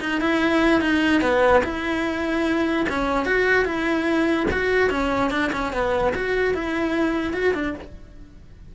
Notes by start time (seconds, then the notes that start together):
0.00 D#4
0.21 E4
0.81 D#4
1.21 B3
1.64 E4
2.89 C#4
3.25 F#4
3.65 E4
4.51 F#4
4.90 C#4
5.30 D4
5.52 C#4
5.72 B3
6.15 F#4
6.54 E4
7.33 F#4
7.54 D4